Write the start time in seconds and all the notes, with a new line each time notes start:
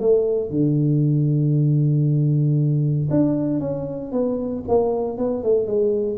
0.00 A3
0.50 D3
3.10 D4
3.60 C#4
4.12 B3
4.68 A#3
5.17 B3
5.43 A3
5.67 G#3